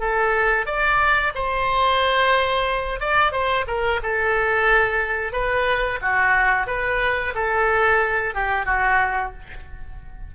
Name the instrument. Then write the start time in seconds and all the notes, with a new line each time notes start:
oboe
0.00 A4
0.66 D5
1.35 C5
3.00 D5
3.32 C5
3.67 A#4
4.03 A4
5.32 B4
6.02 F#4
6.67 B4
7.35 A4
8.34 G4
8.65 F#4